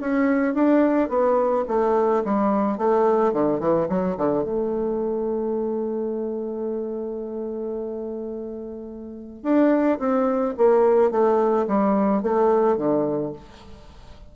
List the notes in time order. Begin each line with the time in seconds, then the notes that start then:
0.00 C#4
0.54 D4
1.09 B3
1.68 A3
2.24 G3
2.78 A3
3.33 D3
3.60 E3
3.89 F#3
4.17 D3
4.44 A3
9.43 D4
9.99 C4
10.58 A#3
11.11 A3
11.67 G3
12.22 A3
12.77 D3